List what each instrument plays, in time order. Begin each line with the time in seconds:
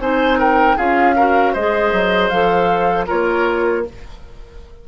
0.00 bassoon C4, clarinet D#4, oboe C5, flute G#5
0.39 oboe A#4, flute G5
0.77 bassoon C#4, clarinet F4, oboe G#4, flute F5
1.16 clarinet F#4, oboe A#4
1.53 bassoon G#3, clarinet G#4, oboe C5, flute D#5
1.92 bassoon F#3
2.29 bassoon F3, clarinet A4, flute F5
3.07 bassoon A#3, clarinet F4, oboe A#4, flute C#5